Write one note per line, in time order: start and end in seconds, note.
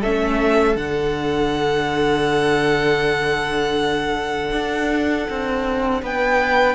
0.00 0.76 A3
0.00 0.76 C#4
0.00 6.00 A4
0.00 0.77 E5
0.76 4.51 D3
0.76 6.75 D4
0.76 6.02 F#5
4.52 5.27 D4
5.30 6.02 C4
6.02 6.75 B3
6.02 6.75 B4
6.02 6.75 G5